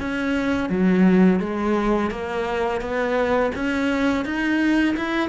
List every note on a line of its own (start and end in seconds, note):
0.00 0.70 C#4
0.70 1.40 F#3
1.40 2.11 G#3
2.11 2.81 A#3
2.81 3.52 B3
3.55 4.25 C#4
4.25 4.96 D#4
4.97 5.29 E4